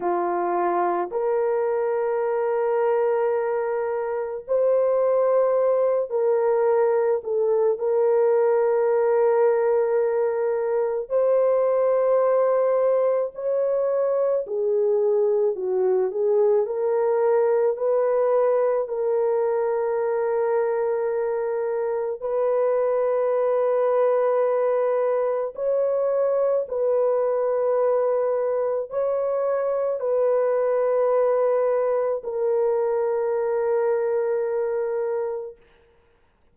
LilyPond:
\new Staff \with { instrumentName = "horn" } { \time 4/4 \tempo 4 = 54 f'4 ais'2. | c''4. ais'4 a'8 ais'4~ | ais'2 c''2 | cis''4 gis'4 fis'8 gis'8 ais'4 |
b'4 ais'2. | b'2. cis''4 | b'2 cis''4 b'4~ | b'4 ais'2. | }